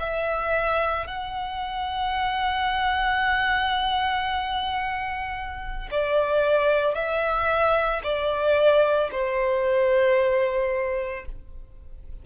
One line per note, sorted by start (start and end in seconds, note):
0.00 1.07 E5
1.07 5.89 F#5
5.91 6.94 D5
6.94 8.02 E5
8.03 9.10 D5
9.11 11.25 C5